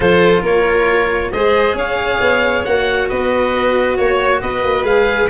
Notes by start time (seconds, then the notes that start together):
0.00 F3 F4 A4 C5
0.42 A#3 A#4 C#5
1.31 G#3 G#4 C5 D#5
1.74 C#4 C#5 F5
2.20 B3
2.64 A#3 F#4 F#5
3.08 B3 B4 D#5
3.96 A#3 C#5
4.41 B3 B4 D#5
4.63 A#3
4.83 G#3 G#4 F5